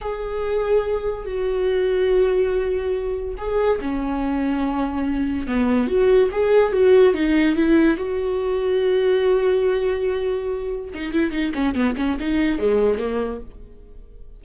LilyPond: \new Staff \with { instrumentName = "viola" } { \time 4/4 \tempo 4 = 143 gis'2. fis'4~ | fis'1 | gis'4 cis'2.~ | cis'4 b4 fis'4 gis'4 |
fis'4 dis'4 e'4 fis'4~ | fis'1~ | fis'2 dis'8 e'8 dis'8 cis'8 | b8 cis'8 dis'4 gis4 ais4 | }